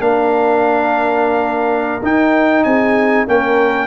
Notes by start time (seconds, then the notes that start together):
0.00 A#3 D4 A#4 F5
2.02 D#4 G5
2.63 C4 G#4 G#5
3.26 A#3 C#4 A#4 G5